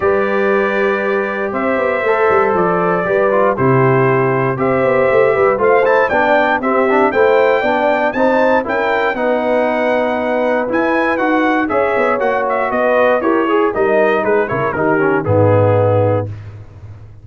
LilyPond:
<<
  \new Staff \with { instrumentName = "trumpet" } { \time 4/4 \tempo 4 = 118 d''2. e''4~ | e''4 d''2 c''4~ | c''4 e''2 f''8 a''8 | g''4 e''4 g''2 |
a''4 g''4 fis''2~ | fis''4 gis''4 fis''4 e''4 | fis''8 e''8 dis''4 cis''4 dis''4 | b'8 cis''8 ais'4 gis'2 | }
  \new Staff \with { instrumentName = "horn" } { \time 4/4 b'2. c''4~ | c''2 b'4 g'4~ | g'4 c''4. b'8 c''4 | d''4 g'4 c''4 d''4 |
c''4 ais'4 b'2~ | b'2. cis''4~ | cis''4 b'4 ais'8 gis'8 ais'4 | gis'8 ais'8 g'4 dis'2 | }
  \new Staff \with { instrumentName = "trombone" } { \time 4/4 g'1 | a'2 g'8 f'8 e'4~ | e'4 g'2 f'8 e'8 | d'4 c'8 d'8 e'4 d'4 |
dis'4 e'4 dis'2~ | dis'4 e'4 fis'4 gis'4 | fis'2 g'8 gis'8 dis'4~ | dis'8 e'8 dis'8 cis'8 b2 | }
  \new Staff \with { instrumentName = "tuba" } { \time 4/4 g2. c'8 b8 | a8 g8 f4 g4 c4~ | c4 c'8 b8 a8 g8 a4 | b4 c'4 a4 b4 |
c'4 cis'4 b2~ | b4 e'4 dis'4 cis'8 b8 | ais4 b4 e'4 g4 | gis8 cis8 dis4 gis,2 | }
>>